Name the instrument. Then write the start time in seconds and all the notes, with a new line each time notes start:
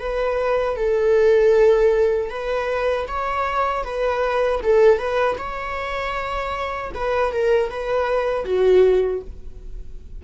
viola
0.00 B4
0.77 A4
2.30 B4
3.08 C#5
3.84 B4
4.64 A4
4.99 B4
5.38 C#5
6.95 B4
7.33 A#4
7.70 B4
8.45 F#4